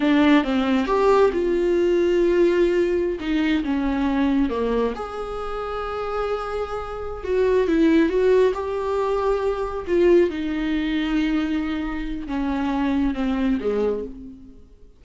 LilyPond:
\new Staff \with { instrumentName = "viola" } { \time 4/4 \tempo 4 = 137 d'4 c'4 g'4 f'4~ | f'2.~ f'16 dis'8.~ | dis'16 cis'2 ais4 gis'8.~ | gis'1~ |
gis'8 fis'4 e'4 fis'4 g'8~ | g'2~ g'8 f'4 dis'8~ | dis'1 | cis'2 c'4 gis4 | }